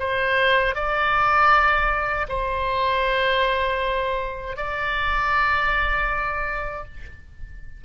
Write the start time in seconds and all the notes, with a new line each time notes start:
0.00 C5
0.75 D5
2.29 C5
4.57 D5